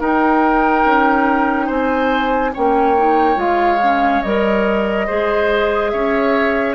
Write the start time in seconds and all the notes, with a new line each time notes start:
0.00 D#4 A#4 G5
0.85 C#4
1.67 C4 C5 G#5
2.54 A#3 C#4 C#5 G5
2.97 D#4
3.36 G#3 F4 F5
3.83 C#4
4.22 G3 A#4 D#5
5.07 G#3 G#4 C5
5.90 C#4 C#5 E5